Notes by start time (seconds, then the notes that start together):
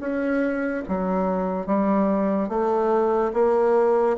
0.00 C#4
0.88 F#3
1.67 G3
2.48 A3
3.33 A#3